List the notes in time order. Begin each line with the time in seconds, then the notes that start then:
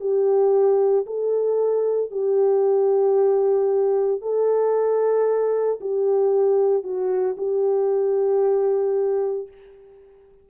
0.00 G4
1.06 A4
2.11 G4
4.21 A4
5.80 G4
6.83 F#4
7.37 G4